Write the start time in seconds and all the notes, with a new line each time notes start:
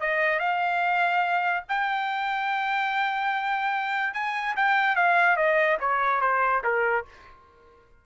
0.00 D#5
0.39 F5
1.68 G5
4.13 G#5
4.56 G5
4.95 F5
5.36 D#5
5.80 C#5
6.21 C5
6.63 A#4